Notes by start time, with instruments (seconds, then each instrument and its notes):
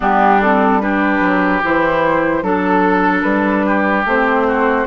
0.00 bassoon G3, clarinet B3, oboe D4, flute G4
0.41 clarinet C4, flute A4
0.80 clarinet D4, oboe G4, flute B4
1.20 bassoon F#3
1.63 bassoon E3, clarinet E4, flute C5
2.42 bassoon F#3, clarinet D4, flute A4, oboe A4
3.22 bassoon G3, flute B4
3.66 oboe G4
4.05 bassoon A3, clarinet C4, flute C5
4.47 oboe F#4